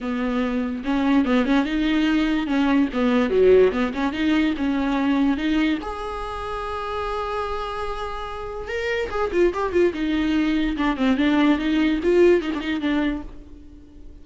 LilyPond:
\new Staff \with { instrumentName = "viola" } { \time 4/4 \tempo 4 = 145 b2 cis'4 b8 cis'8 | dis'2 cis'4 b4 | fis4 b8 cis'8 dis'4 cis'4~ | cis'4 dis'4 gis'2~ |
gis'1~ | gis'4 ais'4 gis'8 f'8 g'8 f'8 | dis'2 d'8 c'8 d'4 | dis'4 f'4 dis'16 d'16 dis'8 d'4 | }